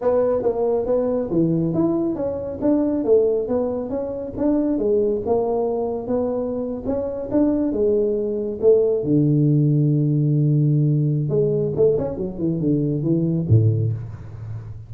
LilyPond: \new Staff \with { instrumentName = "tuba" } { \time 4/4 \tempo 4 = 138 b4 ais4 b4 e4 | e'4 cis'4 d'4 a4 | b4 cis'4 d'4 gis4 | ais2 b4.~ b16 cis'16~ |
cis'8. d'4 gis2 a16~ | a8. d2.~ d16~ | d2 gis4 a8 cis'8 | fis8 e8 d4 e4 a,4 | }